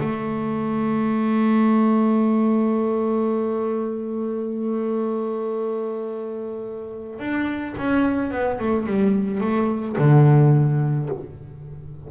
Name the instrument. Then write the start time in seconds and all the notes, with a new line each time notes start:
double bass
0.00 A3
7.18 D4
7.77 C#4
8.31 B3
8.59 A3
8.86 G3
9.40 A3
9.98 D3